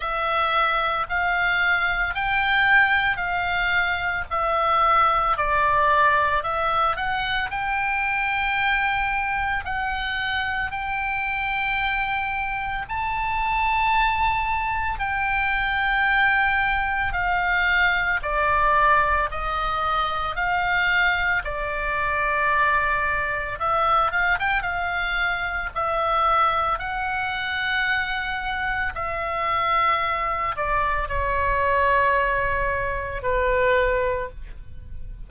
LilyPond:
\new Staff \with { instrumentName = "oboe" } { \time 4/4 \tempo 4 = 56 e''4 f''4 g''4 f''4 | e''4 d''4 e''8 fis''8 g''4~ | g''4 fis''4 g''2 | a''2 g''2 |
f''4 d''4 dis''4 f''4 | d''2 e''8 f''16 g''16 f''4 | e''4 fis''2 e''4~ | e''8 d''8 cis''2 b'4 | }